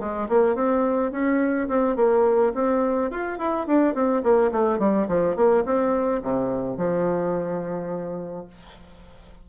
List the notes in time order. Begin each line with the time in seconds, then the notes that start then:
0.00 G#3
0.29 A#3
0.56 C4
1.12 C#4
1.69 C4
1.97 A#3
2.55 C4
3.11 F4
3.39 E4
3.67 D4
3.95 C4
4.23 A#3
4.52 A3
4.79 G3
5.08 F3
5.36 A#3
5.66 C4
6.23 C3
6.77 F3